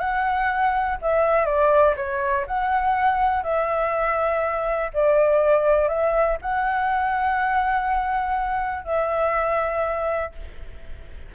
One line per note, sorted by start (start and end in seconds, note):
0.00 0.98 F#5
1.02 1.46 E5
1.46 1.95 D5
1.97 2.46 C#5
2.47 3.44 F#5
3.44 4.91 E5
4.94 5.89 D5
5.89 6.38 E5
6.42 8.85 F#5
8.85 10.33 E5